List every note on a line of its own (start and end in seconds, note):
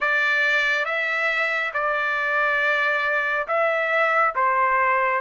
0.00 0.85 D5
0.85 1.72 E5
1.73 3.47 D5
3.47 4.34 E5
4.35 5.21 C5